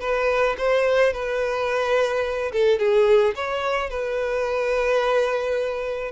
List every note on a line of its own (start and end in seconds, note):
0.00 0.56 B4
0.58 1.13 C5
1.13 2.52 B4
2.52 2.79 A4
2.79 3.34 G#4
3.35 3.90 C#5
3.90 6.11 B4